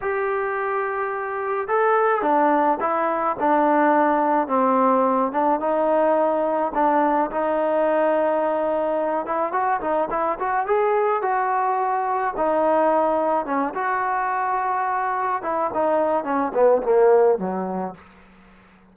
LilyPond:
\new Staff \with { instrumentName = "trombone" } { \time 4/4 \tempo 4 = 107 g'2. a'4 | d'4 e'4 d'2 | c'4. d'8 dis'2 | d'4 dis'2.~ |
dis'8 e'8 fis'8 dis'8 e'8 fis'8 gis'4 | fis'2 dis'2 | cis'8 fis'2. e'8 | dis'4 cis'8 b8 ais4 fis4 | }